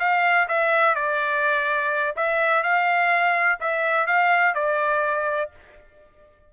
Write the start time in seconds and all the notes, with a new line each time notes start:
0.00 F5
0.48 E5
0.95 D5
2.16 E5
2.63 F5
3.61 E5
4.07 F5
4.55 D5